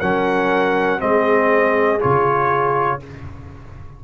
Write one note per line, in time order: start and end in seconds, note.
0.00 1.02 F#3
0.00 1.00 C#4
0.00 1.00 A#4
0.00 1.01 F#5
1.00 2.02 G#3
1.00 2.00 C4
1.00 3.01 G#4
1.00 2.01 D#5
2.00 3.05 C#3
2.00 3.00 F4
2.00 3.01 C#5